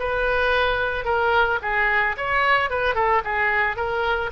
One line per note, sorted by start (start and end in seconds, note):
0.00 1.05 B4
1.05 1.59 A#4
1.62 2.16 G#4
2.17 2.71 C#5
2.71 2.95 B4
2.95 3.22 A4
3.25 3.77 G#4
3.77 4.31 A#4